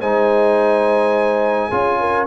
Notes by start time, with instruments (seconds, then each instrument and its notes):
0.00 tuba G#3, trombone D#4, horn C5, trumpet G#5
1.69 tuba C#4, trombone F4, horn G#4
2.00 horn A#4